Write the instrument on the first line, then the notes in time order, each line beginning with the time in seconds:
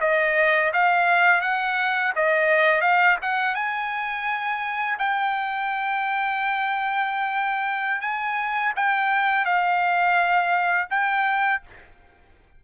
trumpet
0.00 D#5
0.73 F5
1.41 F#5
2.15 D#5
2.81 F5
3.22 F#5
3.54 G#5
4.98 G5
8.01 G#5
8.76 G5
9.45 F5
10.90 G5